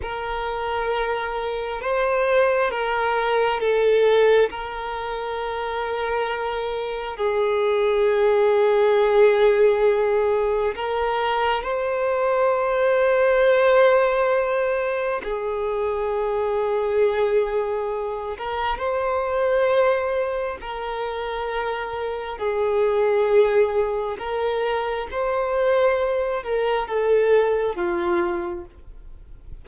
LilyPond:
\new Staff \with { instrumentName = "violin" } { \time 4/4 \tempo 4 = 67 ais'2 c''4 ais'4 | a'4 ais'2. | gis'1 | ais'4 c''2.~ |
c''4 gis'2.~ | gis'8 ais'8 c''2 ais'4~ | ais'4 gis'2 ais'4 | c''4. ais'8 a'4 f'4 | }